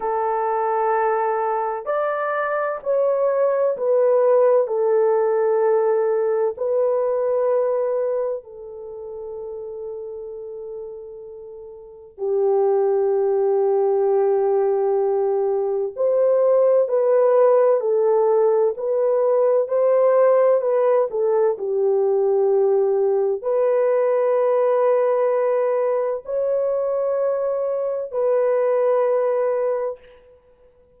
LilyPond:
\new Staff \with { instrumentName = "horn" } { \time 4/4 \tempo 4 = 64 a'2 d''4 cis''4 | b'4 a'2 b'4~ | b'4 a'2.~ | a'4 g'2.~ |
g'4 c''4 b'4 a'4 | b'4 c''4 b'8 a'8 g'4~ | g'4 b'2. | cis''2 b'2 | }